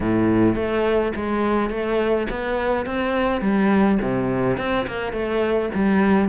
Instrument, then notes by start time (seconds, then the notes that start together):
cello
0.00 A2
0.55 A3
1.15 G#3
1.70 A3
2.29 B3
2.85 C4
3.41 G3
4.01 C3
4.57 C4
4.86 A#3
5.12 A3
5.74 G3